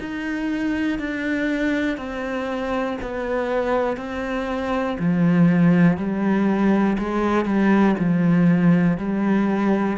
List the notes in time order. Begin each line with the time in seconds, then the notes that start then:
0.00 D#4
0.99 D4
1.97 C4
3.02 B3
3.97 C4
5.00 F3
5.98 G3
6.99 G#3
7.45 G3
7.99 F3
8.98 G3